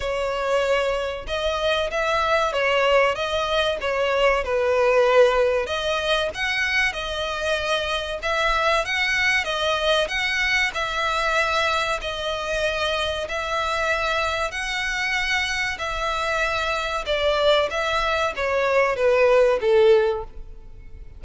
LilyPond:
\new Staff \with { instrumentName = "violin" } { \time 4/4 \tempo 4 = 95 cis''2 dis''4 e''4 | cis''4 dis''4 cis''4 b'4~ | b'4 dis''4 fis''4 dis''4~ | dis''4 e''4 fis''4 dis''4 |
fis''4 e''2 dis''4~ | dis''4 e''2 fis''4~ | fis''4 e''2 d''4 | e''4 cis''4 b'4 a'4 | }